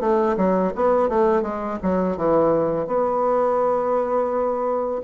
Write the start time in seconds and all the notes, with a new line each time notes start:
0.00 A3
0.37 F#3
0.75 B3
1.08 A3
1.42 G#3
1.82 F#3
2.17 E3
2.87 B3